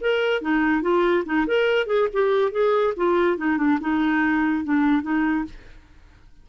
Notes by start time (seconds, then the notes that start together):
0.00 A#4
0.41 D#4
0.81 F4
1.25 D#4
1.47 A#4
1.86 G#4
2.13 G4
2.51 G#4
2.96 F4
3.37 D#4
3.57 D4
3.80 D#4
4.64 D4
5.02 D#4